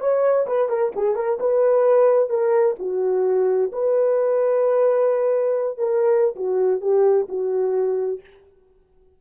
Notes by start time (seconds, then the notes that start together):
0.00 C#5
0.46 B4
0.69 A#4
0.96 G#4
1.15 A#4
1.40 B4
2.29 A#4
2.79 F#4
3.72 B4
5.78 A#4
6.35 F#4
6.81 G4
7.28 F#4